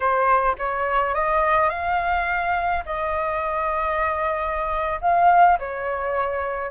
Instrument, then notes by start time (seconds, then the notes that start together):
flute
0.00 C5
0.58 C#5
1.14 D#5
1.69 F5
2.85 D#5
5.01 F5
5.59 C#5